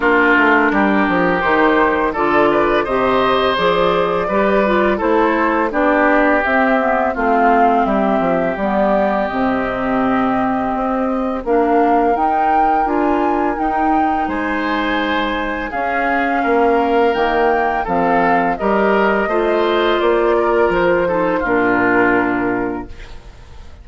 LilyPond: <<
  \new Staff \with { instrumentName = "flute" } { \time 4/4 \tempo 4 = 84 ais'2 c''4 d''4 | dis''4 d''2 c''4 | d''4 e''4 f''4 e''4 | d''4 dis''2. |
f''4 g''4 gis''4 g''4 | gis''2 f''2 | g''4 f''4 dis''2 | d''4 c''4 ais'2 | }
  \new Staff \with { instrumentName = "oboe" } { \time 4/4 f'4 g'2 a'8 b'8 | c''2 b'4 a'4 | g'2 f'4 g'4~ | g'1 |
ais'1 | c''2 gis'4 ais'4~ | ais'4 a'4 ais'4 c''4~ | c''8 ais'4 a'8 f'2 | }
  \new Staff \with { instrumentName = "clarinet" } { \time 4/4 d'2 dis'4 f'4 | g'4 gis'4 g'8 f'8 e'4 | d'4 c'8 b8 c'2 | b4 c'2. |
d'4 dis'4 f'4 dis'4~ | dis'2 cis'2 | ais4 c'4 g'4 f'4~ | f'4. dis'8 d'2 | }
  \new Staff \with { instrumentName = "bassoon" } { \time 4/4 ais8 a8 g8 f8 dis4 d4 | c4 f4 g4 a4 | b4 c'4 a4 g8 f8 | g4 c2 c'4 |
ais4 dis'4 d'4 dis'4 | gis2 cis'4 ais4 | dis4 f4 g4 a4 | ais4 f4 ais,2 | }
>>